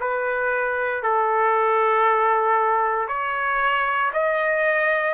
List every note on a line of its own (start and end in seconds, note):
0.00 1.03 B4
1.03 3.08 A4
3.08 4.11 C#5
4.13 5.14 D#5